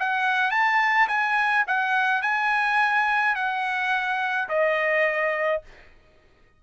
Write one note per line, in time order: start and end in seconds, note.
0.00 0.51 F#5
0.51 1.08 A5
1.09 1.65 G#5
1.68 2.22 F#5
2.22 3.36 G#5
3.36 4.49 F#5
4.49 5.62 D#5